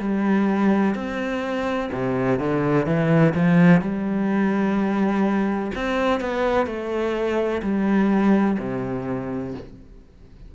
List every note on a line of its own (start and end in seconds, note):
0.00 0.95 G3
0.95 1.90 C4
1.93 2.40 C3
2.40 2.87 D3
2.87 3.34 E3
3.35 3.81 F3
3.81 5.72 G3
5.75 6.21 C4
6.21 6.67 B3
6.67 7.62 A3
7.63 8.58 G3
8.59 9.55 C3